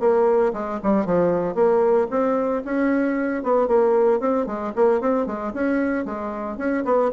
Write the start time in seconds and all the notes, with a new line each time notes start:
0.00 A#3
0.53 G#3
0.83 G3
1.06 F3
1.55 A#3
2.10 C4
2.65 C#4
3.43 B3
3.67 A#3
4.20 C4
4.46 G#3
4.75 A#3
5.01 C4
5.26 G#3
5.53 C#4
6.05 G#3
6.57 C#4
6.85 B3